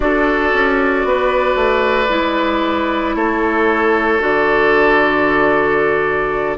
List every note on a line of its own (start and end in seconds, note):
0.00 0.52 D4
0.00 2.07 F#4
0.00 1.07 A4
0.00 3.15 D5
0.53 1.04 C#4
1.04 1.55 B3
1.04 3.15 B4
1.55 2.08 A3
2.09 3.15 G#3
2.09 4.19 E4
3.15 4.20 A3
3.15 6.57 A4
3.15 4.20 C#5
4.19 6.57 D3
4.19 6.56 F#4
4.19 6.57 D5